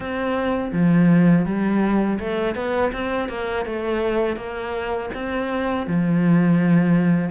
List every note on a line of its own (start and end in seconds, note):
0.00 0.72 C4
0.72 1.45 F3
1.45 2.19 G3
2.19 2.55 A3
2.55 2.91 B3
2.92 3.29 C4
3.29 3.65 A#3
3.66 4.36 A3
4.36 5.09 A#3
5.14 5.86 C4
5.86 7.30 F3